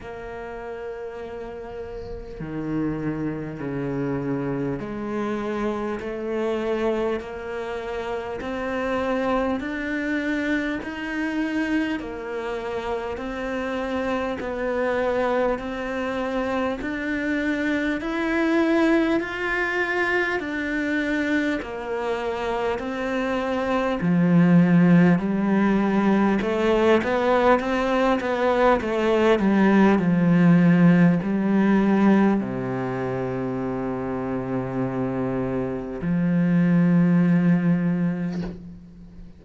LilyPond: \new Staff \with { instrumentName = "cello" } { \time 4/4 \tempo 4 = 50 ais2 dis4 cis4 | gis4 a4 ais4 c'4 | d'4 dis'4 ais4 c'4 | b4 c'4 d'4 e'4 |
f'4 d'4 ais4 c'4 | f4 g4 a8 b8 c'8 b8 | a8 g8 f4 g4 c4~ | c2 f2 | }